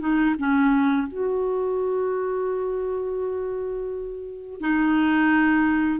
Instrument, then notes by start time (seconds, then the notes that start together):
clarinet
0.00 D#4
0.39 C#4
1.08 F#4
4.61 D#4